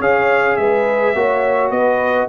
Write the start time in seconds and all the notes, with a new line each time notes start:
0.00 C#4 G#4 C#5 F5
0.57 G#3 B4 E5
1.15 A#3 F#4 C#5
1.71 B3 B4 D#5